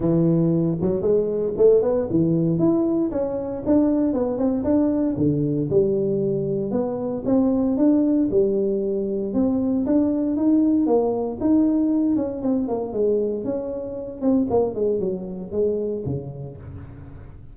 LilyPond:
\new Staff \with { instrumentName = "tuba" } { \time 4/4 \tempo 4 = 116 e4. fis8 gis4 a8 b8 | e4 e'4 cis'4 d'4 | b8 c'8 d'4 d4 g4~ | g4 b4 c'4 d'4 |
g2 c'4 d'4 | dis'4 ais4 dis'4. cis'8 | c'8 ais8 gis4 cis'4. c'8 | ais8 gis8 fis4 gis4 cis4 | }